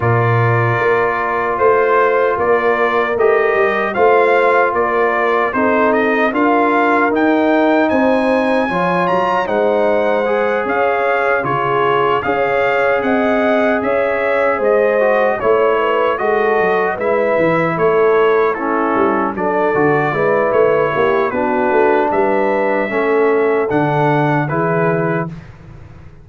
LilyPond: <<
  \new Staff \with { instrumentName = "trumpet" } { \time 4/4 \tempo 4 = 76 d''2 c''4 d''4 | dis''4 f''4 d''4 c''8 dis''8 | f''4 g''4 gis''4. ais''8 | fis''4. f''4 cis''4 f''8~ |
f''8 fis''4 e''4 dis''4 cis''8~ | cis''8 dis''4 e''4 cis''4 a'8~ | a'8 d''4. cis''4 b'4 | e''2 fis''4 b'4 | }
  \new Staff \with { instrumentName = "horn" } { \time 4/4 ais'2 c''4 ais'4~ | ais'4 c''4 ais'4 a'4 | ais'2 c''4 cis''4 | c''4. cis''4 gis'4 cis''8~ |
cis''8 dis''4 cis''4 c''4 cis''8 | b'8 a'4 b'4 a'4 e'8~ | e'8 a'4 b'4 g'8 fis'4 | b'4 a'2 gis'4 | }
  \new Staff \with { instrumentName = "trombone" } { \time 4/4 f'1 | g'4 f'2 dis'4 | f'4 dis'2 f'4 | dis'4 gis'4. f'4 gis'8~ |
gis'2. fis'8 e'8~ | e'8 fis'4 e'2 cis'8~ | cis'8 d'8 fis'8 e'4. d'4~ | d'4 cis'4 d'4 e'4 | }
  \new Staff \with { instrumentName = "tuba" } { \time 4/4 ais,4 ais4 a4 ais4 | a8 g8 a4 ais4 c'4 | d'4 dis'4 c'4 f8 fis8 | gis4. cis'4 cis4 cis'8~ |
cis'8 c'4 cis'4 gis4 a8~ | a8 gis8 fis8 gis8 e8 a4. | g8 fis8 d8 gis8 a8 ais8 b8 a8 | g4 a4 d4 e4 | }
>>